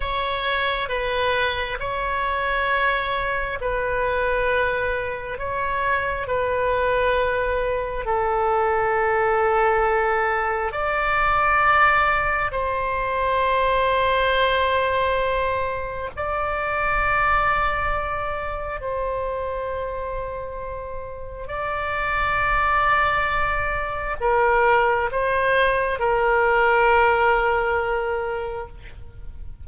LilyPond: \new Staff \with { instrumentName = "oboe" } { \time 4/4 \tempo 4 = 67 cis''4 b'4 cis''2 | b'2 cis''4 b'4~ | b'4 a'2. | d''2 c''2~ |
c''2 d''2~ | d''4 c''2. | d''2. ais'4 | c''4 ais'2. | }